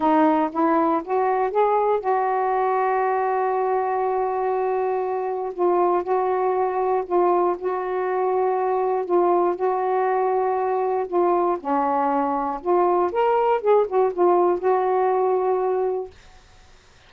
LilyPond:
\new Staff \with { instrumentName = "saxophone" } { \time 4/4 \tempo 4 = 119 dis'4 e'4 fis'4 gis'4 | fis'1~ | fis'2. f'4 | fis'2 f'4 fis'4~ |
fis'2 f'4 fis'4~ | fis'2 f'4 cis'4~ | cis'4 f'4 ais'4 gis'8 fis'8 | f'4 fis'2. | }